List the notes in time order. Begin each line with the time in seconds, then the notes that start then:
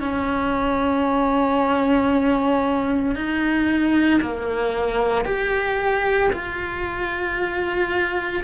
0.00 C#4
3.15 D#4
4.22 A#3
5.25 G4
6.33 F4